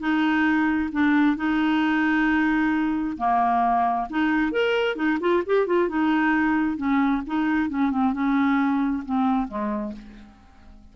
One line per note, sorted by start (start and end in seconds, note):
0.00 0.90 D#4
0.93 1.37 D4
1.37 3.17 D#4
3.18 4.08 A#3
4.10 4.52 D#4
4.52 4.96 A#4
4.96 5.19 D#4
5.21 5.43 F4
5.47 5.67 G4
5.67 5.89 F4
5.89 6.77 D#4
6.77 7.22 C#4
7.27 7.70 D#4
7.70 7.91 C#4
7.91 8.13 C4
8.13 9.04 C#4
9.06 9.48 C4
9.48 9.93 G#3